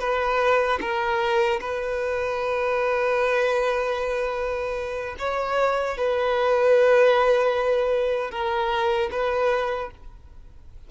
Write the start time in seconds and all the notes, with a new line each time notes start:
0.00 B4
0.81 A#4
1.60 B4
5.19 C#5
5.97 B4
8.31 A#4
9.11 B4